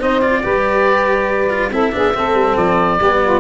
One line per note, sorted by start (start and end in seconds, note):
0.00 0.44 C4
0.00 0.22 D#4
0.00 0.43 C5
0.00 0.21 D#5
0.21 0.43 F4
0.21 1.71 D5
0.43 1.71 G3
0.43 1.50 G4
0.43 1.72 B4
1.50 1.72 F4
1.71 1.93 C4
1.71 1.92 E4
1.71 1.93 A4
1.71 2.57 E5
1.92 2.16 B3
1.92 2.14 D4
1.92 2.16 G#4
2.14 2.34 A3
2.14 3.00 C4
2.14 2.98 A4
2.34 2.56 G3
2.57 3.00 F3
2.57 3.40 D5
2.98 3.40 G3
2.98 3.40 B3
2.98 3.19 G4
3.24 3.40 F4